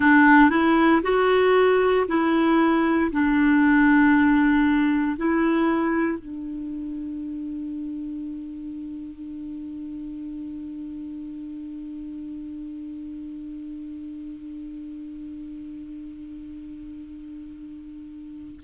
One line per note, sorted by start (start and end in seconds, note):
0.00 0.50 D4
0.50 1.02 E4
1.03 2.06 F#4
2.07 3.11 E4
3.12 5.17 D4
5.17 6.18 E4
6.18 18.60 D4